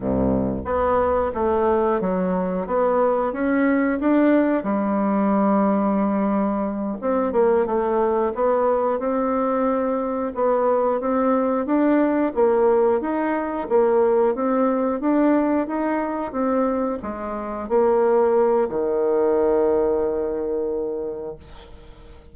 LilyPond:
\new Staff \with { instrumentName = "bassoon" } { \time 4/4 \tempo 4 = 90 c,4 b4 a4 fis4 | b4 cis'4 d'4 g4~ | g2~ g8 c'8 ais8 a8~ | a8 b4 c'2 b8~ |
b8 c'4 d'4 ais4 dis'8~ | dis'8 ais4 c'4 d'4 dis'8~ | dis'8 c'4 gis4 ais4. | dis1 | }